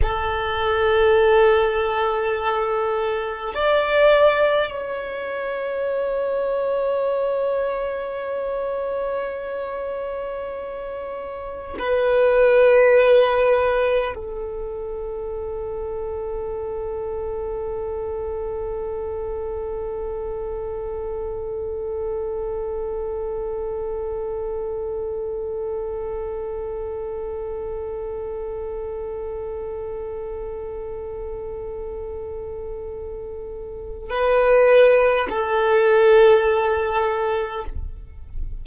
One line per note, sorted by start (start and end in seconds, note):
0.02 3.53 A4
3.53 4.71 D5
4.71 11.76 C#5
11.79 14.14 B4
14.14 34.10 A4
34.10 35.27 B4
35.29 37.64 A4